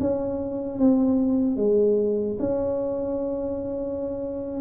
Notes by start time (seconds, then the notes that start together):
0.00 C#4
0.79 C4
1.57 G#3
2.39 C#4